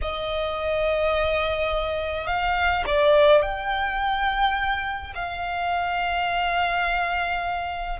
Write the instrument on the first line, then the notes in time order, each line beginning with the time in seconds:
violin
0.01 D#5
2.26 F5
2.86 D5
3.42 G5
5.14 F5